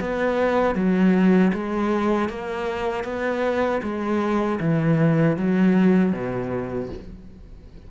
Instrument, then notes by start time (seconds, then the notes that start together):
cello
0.00 B3
0.75 F#3
1.53 G#3
2.29 A#3
3.04 B3
3.82 G#3
4.60 E3
5.37 F#3
6.12 B2